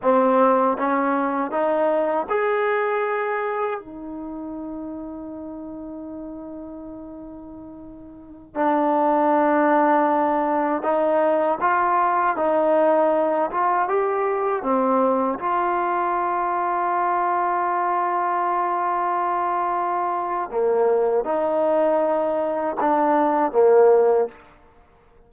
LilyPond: \new Staff \with { instrumentName = "trombone" } { \time 4/4 \tempo 4 = 79 c'4 cis'4 dis'4 gis'4~ | gis'4 dis'2.~ | dis'2.~ dis'16 d'8.~ | d'2~ d'16 dis'4 f'8.~ |
f'16 dis'4. f'8 g'4 c'8.~ | c'16 f'2.~ f'8.~ | f'2. ais4 | dis'2 d'4 ais4 | }